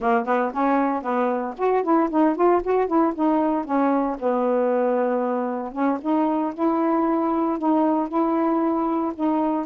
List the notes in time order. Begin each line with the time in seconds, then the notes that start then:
0.00 A#3
0.25 B3
0.53 C#4
1.02 B3
1.57 F#4
1.83 E4
2.10 D#4
2.35 F4
2.63 F#4
2.87 E4
3.14 D#4
3.64 C#4
4.19 B3
5.72 C#4
6.01 D#4
6.54 E4
7.58 D#4
8.08 E4
9.14 D#4